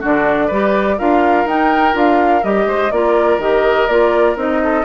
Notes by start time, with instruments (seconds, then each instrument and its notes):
0.00 bassoon D3, clarinet D4, oboe F#4, flute D5
0.47 bassoon G3, clarinet G4, oboe B4
0.98 bassoon D4, clarinet F4, oboe A#4, flute F5
1.45 bassoon D#4, clarinet D#4, flute G5
1.92 bassoon D4, clarinet F4, flute F5
2.43 bassoon G3, clarinet G4, flute D#5
2.66 bassoon G#3, oboe C5
2.91 bassoon A#3, clarinet F4, oboe A#4, flute D5
3.37 bassoon D#3, clarinet G4, flute D#5
3.87 bassoon A#3, clarinet F4, flute D5
4.35 bassoon C4, clarinet D#4, flute D#5
4.63 oboe A4